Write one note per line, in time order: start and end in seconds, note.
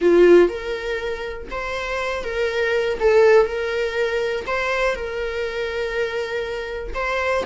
0.01 0.48 F4
0.48 1.47 A#4
1.51 2.23 C5
2.23 2.98 A#4
3.00 3.46 A4
3.46 4.45 A#4
4.47 4.95 C5
4.95 6.93 A#4
6.94 7.44 C5